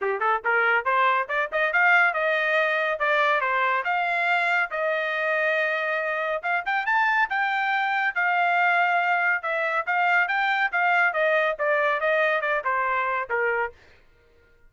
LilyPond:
\new Staff \with { instrumentName = "trumpet" } { \time 4/4 \tempo 4 = 140 g'8 a'8 ais'4 c''4 d''8 dis''8 | f''4 dis''2 d''4 | c''4 f''2 dis''4~ | dis''2. f''8 g''8 |
a''4 g''2 f''4~ | f''2 e''4 f''4 | g''4 f''4 dis''4 d''4 | dis''4 d''8 c''4. ais'4 | }